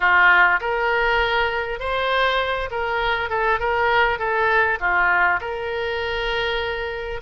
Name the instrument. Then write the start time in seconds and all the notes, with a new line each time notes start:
oboe
0.00 F4
0.60 A#4
1.79 C5
2.71 A#4
3.29 A4
3.59 A#4
4.18 A4
4.80 F4
5.41 A#4